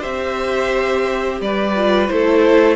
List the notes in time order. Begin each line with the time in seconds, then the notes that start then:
0.00 C4 G4 C5 E5
1.41 G3 B4 D5
1.77 F4
2.08 A3 E4 A4 C5